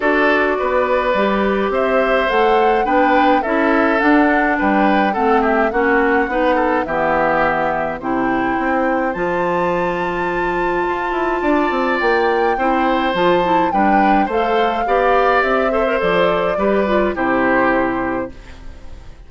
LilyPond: <<
  \new Staff \with { instrumentName = "flute" } { \time 4/4 \tempo 4 = 105 d''2. e''4 | fis''4 g''4 e''4 fis''4 | g''4 fis''8 e''8 fis''2 | e''2 g''2 |
a''1~ | a''4 g''2 a''4 | g''4 f''2 e''4 | d''2 c''2 | }
  \new Staff \with { instrumentName = "oboe" } { \time 4/4 a'4 b'2 c''4~ | c''4 b'4 a'2 | b'4 a'8 g'8 fis'4 b'8 a'8 | g'2 c''2~ |
c''1 | d''2 c''2 | b'4 c''4 d''4. c''8~ | c''4 b'4 g'2 | }
  \new Staff \with { instrumentName = "clarinet" } { \time 4/4 fis'2 g'2 | a'4 d'4 e'4 d'4~ | d'4 c'4 cis'4 dis'4 | b2 e'2 |
f'1~ | f'2 e'4 f'8 e'8 | d'4 a'4 g'4. a'16 ais'16 | a'4 g'8 f'8 e'2 | }
  \new Staff \with { instrumentName = "bassoon" } { \time 4/4 d'4 b4 g4 c'4 | a4 b4 cis'4 d'4 | g4 a4 ais4 b4 | e2 c4 c'4 |
f2. f'8 e'8 | d'8 c'8 ais4 c'4 f4 | g4 a4 b4 c'4 | f4 g4 c2 | }
>>